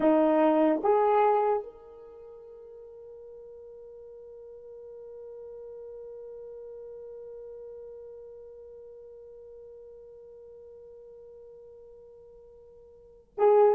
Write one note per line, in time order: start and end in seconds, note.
0.00 0.81 D#4
0.83 1.63 G#4
1.63 13.34 A#4
13.37 13.75 G#4